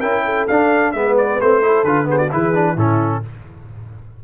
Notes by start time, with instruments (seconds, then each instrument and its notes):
0.00 tuba C#4, trombone E4, horn A#4, trumpet G5
0.25 horn A4
0.48 tuba D4, trombone D4, trumpet F5
0.92 tuba G#3, trombone B3, horn B4, trumpet E5
1.18 trumpet D5
1.41 tuba A3, trombone C4, trumpet C5
1.62 trombone E4, horn A4
1.84 tuba D3, trombone F4, trumpet B4
2.05 trombone B3, horn G#4, trumpet C5
2.18 horn F#4, trumpet D5
2.32 tuba E3, trombone E4, horn G#4, trumpet B4
2.54 trombone D4
2.73 tuba A2, trombone C#4, horn E4, trumpet A4